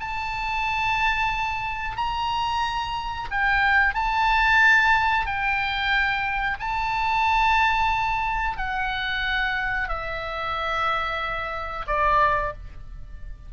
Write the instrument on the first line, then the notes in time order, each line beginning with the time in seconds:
oboe
0.00 A5
1.97 A#5
3.31 G5
3.95 A5
5.26 G5
6.60 A5
8.57 F#5
9.88 E5
11.87 D5